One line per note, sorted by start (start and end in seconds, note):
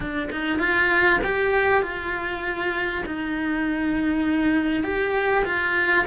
0.00 0.29 D4
0.31 0.59 D#4
0.59 1.19 F4
1.24 1.82 G4
1.82 3.03 F4
3.06 4.83 D#4
4.83 5.44 G4
5.45 6.05 F4